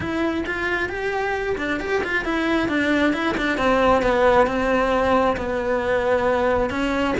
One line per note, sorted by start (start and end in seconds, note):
0.00 0.44 E4
0.46 0.89 F4
0.89 1.56 G4
1.57 1.80 D4
1.80 2.02 G4
2.03 2.24 F4
2.24 2.68 E4
2.68 3.13 D4
3.13 3.35 E4
3.37 3.57 D4
3.57 4.02 C4
4.02 4.47 B3
4.47 5.36 C4
5.36 6.69 B3
6.69 7.14 C#4